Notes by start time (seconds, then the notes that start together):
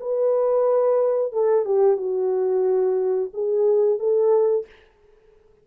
0.00 B4
1.32 A4
1.65 G4
1.97 F#4
3.34 G#4
3.99 A4